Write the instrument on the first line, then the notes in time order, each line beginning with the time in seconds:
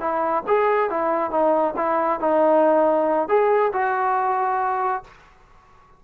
trombone
0.00 E4
0.48 G#4
0.90 E4
1.31 D#4
1.77 E4
2.20 D#4
3.29 G#4
3.73 F#4